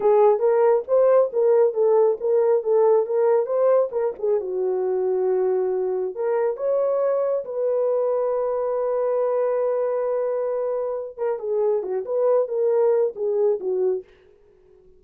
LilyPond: \new Staff \with { instrumentName = "horn" } { \time 4/4 \tempo 4 = 137 gis'4 ais'4 c''4 ais'4 | a'4 ais'4 a'4 ais'4 | c''4 ais'8 gis'8 fis'2~ | fis'2 ais'4 cis''4~ |
cis''4 b'2.~ | b'1~ | b'4. ais'8 gis'4 fis'8 b'8~ | b'8 ais'4. gis'4 fis'4 | }